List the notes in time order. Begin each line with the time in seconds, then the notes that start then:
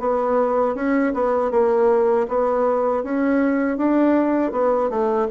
0.00 B3
0.75 C#4
1.14 B3
1.51 A#3
2.29 B3
3.03 C#4
3.78 D4
4.52 B3
4.90 A3